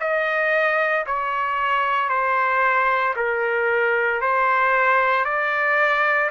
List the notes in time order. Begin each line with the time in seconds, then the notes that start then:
0.00 D#5
1.07 C#5
2.10 C5
3.16 A#4
4.22 C5
5.25 D5